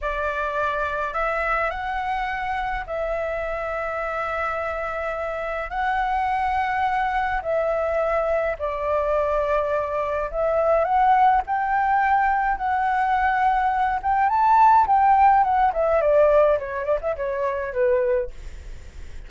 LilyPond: \new Staff \with { instrumentName = "flute" } { \time 4/4 \tempo 4 = 105 d''2 e''4 fis''4~ | fis''4 e''2.~ | e''2 fis''2~ | fis''4 e''2 d''4~ |
d''2 e''4 fis''4 | g''2 fis''2~ | fis''8 g''8 a''4 g''4 fis''8 e''8 | d''4 cis''8 d''16 e''16 cis''4 b'4 | }